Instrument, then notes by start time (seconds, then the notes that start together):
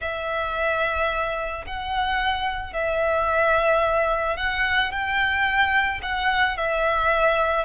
violin
0.01 E5
1.66 F#5
2.73 E5
4.36 F#5
4.91 G5
6.02 F#5
6.57 E5